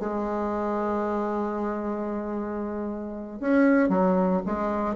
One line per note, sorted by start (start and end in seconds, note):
0.00 3.41 G#3
3.41 3.90 C#4
3.90 4.42 F#3
4.46 4.96 G#3